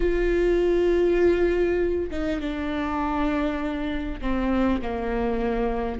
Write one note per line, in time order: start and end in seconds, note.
0.00 2.10 F4
2.10 2.40 D#4
2.40 4.20 D4
4.21 4.81 C4
4.81 5.99 A#3